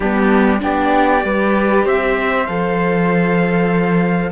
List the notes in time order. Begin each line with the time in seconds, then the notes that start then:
0.00 G3 B3 D4 G4
0.60 B3 D4 G4 D5
1.21 G3 G4 B4
1.84 C4 C5 E5
2.46 F3 A4 F5